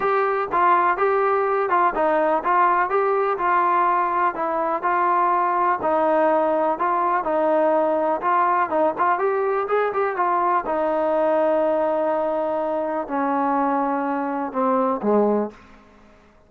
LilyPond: \new Staff \with { instrumentName = "trombone" } { \time 4/4 \tempo 4 = 124 g'4 f'4 g'4. f'8 | dis'4 f'4 g'4 f'4~ | f'4 e'4 f'2 | dis'2 f'4 dis'4~ |
dis'4 f'4 dis'8 f'8 g'4 | gis'8 g'8 f'4 dis'2~ | dis'2. cis'4~ | cis'2 c'4 gis4 | }